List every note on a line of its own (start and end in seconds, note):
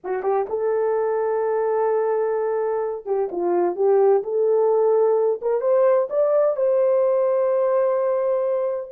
0.04 0.22 F#4
0.22 0.46 G4
0.49 3.05 A4
3.05 3.29 G4
3.31 3.75 F4
3.75 4.22 G4
4.23 5.40 A4
5.41 5.61 A#4
5.61 6.07 C5
6.09 6.56 D5
6.56 8.90 C5